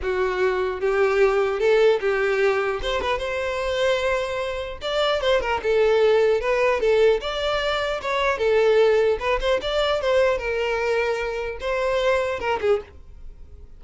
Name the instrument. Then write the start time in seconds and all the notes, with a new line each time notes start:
violin
0.02 F#4
0.80 G4
1.59 A4
2.00 G4
2.82 C5
3.01 B4
3.18 C5
4.81 D5
5.21 C5
5.40 A#4
5.62 A4
6.40 B4
6.80 A4
7.21 D5
8.01 C#5
8.37 A4
9.19 B4
9.40 C5
9.61 D5
10.01 C5
10.37 A#4
11.60 C5
12.39 A#4
12.60 G#4